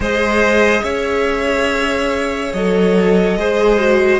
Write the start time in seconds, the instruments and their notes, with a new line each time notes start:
0.00 cello G#3, viola G#4, violin C5 D#5
0.82 cello C#4, violin C#5 E5
2.53 cello F#3, viola A4, violin D#5
3.37 cello G#3, viola G#4, violin C5
3.79 viola F#4